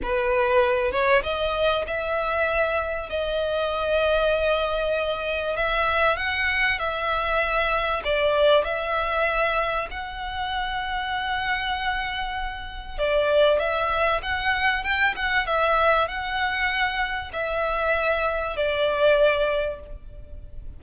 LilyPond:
\new Staff \with { instrumentName = "violin" } { \time 4/4 \tempo 4 = 97 b'4. cis''8 dis''4 e''4~ | e''4 dis''2.~ | dis''4 e''4 fis''4 e''4~ | e''4 d''4 e''2 |
fis''1~ | fis''4 d''4 e''4 fis''4 | g''8 fis''8 e''4 fis''2 | e''2 d''2 | }